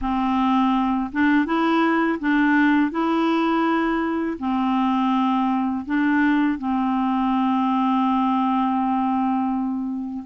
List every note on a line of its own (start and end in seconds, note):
0.01 1.10 C4
1.12 1.45 D4
1.45 2.19 E4
2.19 2.91 D4
2.91 4.37 E4
4.39 5.85 C4
5.85 6.58 D4
6.58 10.24 C4